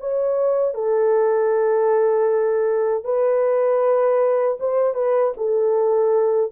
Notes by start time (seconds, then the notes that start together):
0.00 C#5
0.74 A4
3.04 B4
4.60 C5
4.94 B4
5.37 A4